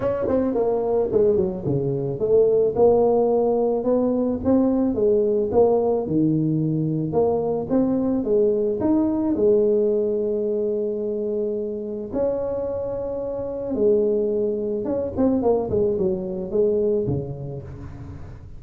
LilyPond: \new Staff \with { instrumentName = "tuba" } { \time 4/4 \tempo 4 = 109 cis'8 c'8 ais4 gis8 fis8 cis4 | a4 ais2 b4 | c'4 gis4 ais4 dis4~ | dis4 ais4 c'4 gis4 |
dis'4 gis2.~ | gis2 cis'2~ | cis'4 gis2 cis'8 c'8 | ais8 gis8 fis4 gis4 cis4 | }